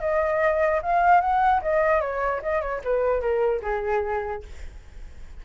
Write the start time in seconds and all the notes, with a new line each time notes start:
0.00 D#5
0.82 F5
1.21 F#5
1.62 D#5
2.01 C#5
2.42 D#5
2.61 C#5
2.84 B4
3.21 A#4
3.62 G#4